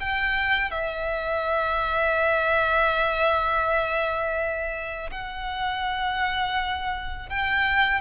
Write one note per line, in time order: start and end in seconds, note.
0.00 0.71 G5
0.71 5.10 E5
5.11 7.29 F#5
7.29 8.01 G5